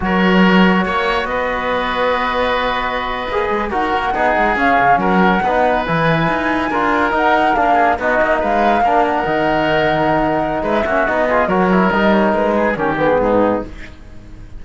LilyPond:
<<
  \new Staff \with { instrumentName = "flute" } { \time 4/4 \tempo 4 = 141 cis''2. dis''4~ | dis''1~ | dis''8. fis''2 f''4 fis''16~ | fis''4.~ fis''16 gis''2~ gis''16~ |
gis''8. fis''4 f''4 dis''4 f''16~ | f''4~ f''16 fis''2~ fis''8.~ | fis''4 e''4 dis''4 cis''4 | dis''8 cis''8 b'4 ais'8 gis'4. | }
  \new Staff \with { instrumentName = "oboe" } { \time 4/4 ais'2 cis''4 b'4~ | b'1~ | b'8. ais'4 gis'2 ais'16~ | ais'8. b'2. ais'16~ |
ais'2~ ais'16 gis'8 fis'4 b'16~ | b'8. ais'2.~ ais'16~ | ais'4 b'8 fis'4 gis'8 ais'4~ | ais'4. gis'8 g'4 dis'4 | }
  \new Staff \with { instrumentName = "trombone" } { \time 4/4 fis'1~ | fis'2.~ fis'8. gis'16~ | gis'8. fis'4 dis'4 cis'4~ cis'16~ | cis'8. dis'4 e'2 f'16~ |
f'8. dis'4 d'4 dis'4~ dis'16~ | dis'8. d'4 dis'2~ dis'16~ | dis'4. cis'8 dis'8 f'8 fis'8 e'8 | dis'2 cis'8 b4. | }
  \new Staff \with { instrumentName = "cello" } { \time 4/4 fis2 ais4 b4~ | b2.~ b8. ais16~ | ais16 gis8 dis'8 ais8 b8 gis8 cis'8 cis8 fis16~ | fis8. b4 e4 dis'4 d'16~ |
d'8. dis'4 ais4 b8 ais8 gis16~ | gis8. ais4 dis2~ dis16~ | dis4 gis8 ais8 b4 fis4 | g4 gis4 dis4 gis,4 | }
>>